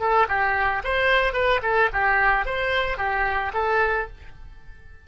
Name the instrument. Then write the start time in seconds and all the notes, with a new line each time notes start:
oboe
0.00 A4
0.29 G4
0.84 C5
1.34 B4
1.63 A4
1.93 G4
2.46 C5
2.98 G4
3.54 A4